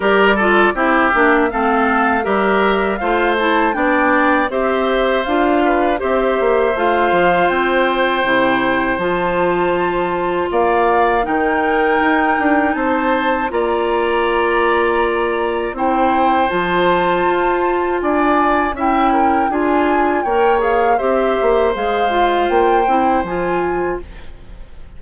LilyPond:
<<
  \new Staff \with { instrumentName = "flute" } { \time 4/4 \tempo 4 = 80 d''4 e''4 f''4 e''4 | f''8 a''8 g''4 e''4 f''4 | e''4 f''4 g''2 | a''2 f''4 g''4~ |
g''4 a''4 ais''2~ | ais''4 g''4 a''2 | gis''4 g''4 gis''4 g''8 f''8 | e''4 f''4 g''4 gis''4 | }
  \new Staff \with { instrumentName = "oboe" } { \time 4/4 ais'8 a'8 g'4 a'4 ais'4 | c''4 d''4 c''4. b'8 | c''1~ | c''2 d''4 ais'4~ |
ais'4 c''4 d''2~ | d''4 c''2. | d''4 e''8 ais'8 gis'4 cis''4 | c''1 | }
  \new Staff \with { instrumentName = "clarinet" } { \time 4/4 g'8 f'8 e'8 d'8 c'4 g'4 | f'8 e'8 d'4 g'4 f'4 | g'4 f'2 e'4 | f'2. dis'4~ |
dis'2 f'2~ | f'4 e'4 f'2~ | f'4 e'4 f'4 ais'8 gis'8 | g'4 gis'8 f'4 e'8 f'4 | }
  \new Staff \with { instrumentName = "bassoon" } { \time 4/4 g4 c'8 ais8 a4 g4 | a4 b4 c'4 d'4 | c'8 ais8 a8 f8 c'4 c4 | f2 ais4 dis4 |
dis'8 d'8 c'4 ais2~ | ais4 c'4 f4 f'4 | d'4 cis'4 d'4 ais4 | c'8 ais8 gis4 ais8 c'8 f4 | }
>>